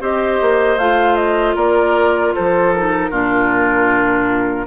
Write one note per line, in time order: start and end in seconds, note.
0.00 0.39 C4
0.00 0.78 G4
0.00 1.55 C5
0.00 0.78 D#5
0.41 0.77 A#3
0.77 1.55 A3
0.77 2.74 F4
0.77 1.15 F5
1.15 1.54 D#5
1.55 2.33 A#3
1.55 2.33 A#4
1.55 2.34 D5
2.34 3.10 F3
2.34 3.10 A4
2.34 2.73 C5
2.73 3.12 D#4
2.73 4.66 A#4
3.10 4.66 A#2
3.10 4.66 D4
3.10 4.66 F4